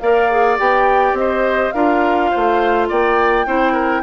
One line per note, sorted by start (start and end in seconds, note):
0.00 0.59 A#3
0.00 0.31 A#4
0.00 1.19 D5
0.00 0.58 F5
0.31 0.59 G#4
0.59 1.14 B3
0.59 1.74 G4
0.59 1.17 G5
1.14 1.71 C4
1.14 1.72 D#5
1.20 1.75 C5
1.72 2.32 D4
1.72 3.47 F4
1.72 2.31 A#4
1.72 2.88 F5
2.31 2.91 A3
2.31 2.89 C5
2.89 3.47 A#3
2.89 3.47 D5
2.89 4.04 G5
3.47 4.04 C4
3.47 4.04 E4
3.47 3.73 C5
3.73 4.02 A#4